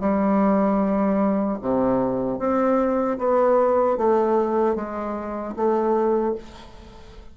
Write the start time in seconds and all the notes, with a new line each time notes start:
0.00 G3
1.61 C3
2.39 C4
3.18 B3
3.97 A3
4.75 G#3
5.56 A3